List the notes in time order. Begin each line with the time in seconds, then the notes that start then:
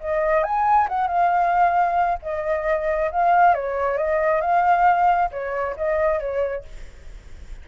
0.00 D#5
0.43 G#5
0.89 F#5
1.08 F5
2.22 D#5
3.12 F5
3.54 C#5
3.98 D#5
4.41 F5
5.32 C#5
5.77 D#5
6.20 C#5